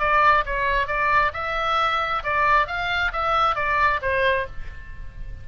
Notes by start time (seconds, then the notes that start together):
0.00 D5
0.46 C#5
0.88 D5
1.34 E5
2.24 D5
2.67 F5
3.13 E5
3.56 D5
4.02 C5